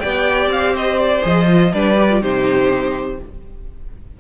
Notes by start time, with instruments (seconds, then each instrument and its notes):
0.00 cello B3, viola G4, violin D5 G5
0.47 cello C4, violin F5
0.75 violin C5 D#5
0.99 violin D5
1.22 cello F3, viola G#4, violin D#5
1.47 viola F4
1.73 cello G3, viola D4, violin B4 D5
1.97 viola G4
2.11 viola F4
2.21 cello C3, viola D#4, violin G4 C5